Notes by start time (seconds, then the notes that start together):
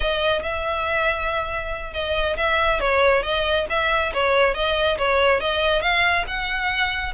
0.00 D#5
0.42 E5
1.93 D#5
2.36 E5
2.80 C#5
3.23 D#5
3.69 E5
4.13 C#5
4.54 D#5
4.98 C#5
5.40 D#5
5.81 F5
6.27 F#5